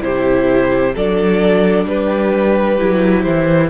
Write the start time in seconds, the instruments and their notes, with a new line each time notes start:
0.00 cello C3, viola E4, violin G4 C5
0.94 cello F#3, viola D4, violin A4 D5
1.85 cello G3, violin G4 B4
2.78 cello F#3, viola E4
3.22 cello E3, violin C5